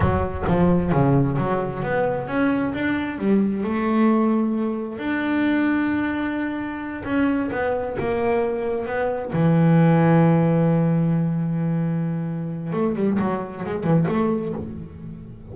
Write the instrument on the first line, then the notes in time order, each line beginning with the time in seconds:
double bass
0.00 F#3
0.47 F3
0.92 C#3
1.38 F#3
1.82 B3
2.27 C#4
2.73 D4
3.18 G3
3.63 A3
4.98 D4
7.04 C#4
7.51 B3
7.99 A#3
8.86 B3
9.32 E3
12.73 A3
12.95 G3
13.19 F#3
13.65 G#3
13.83 E3
14.08 A3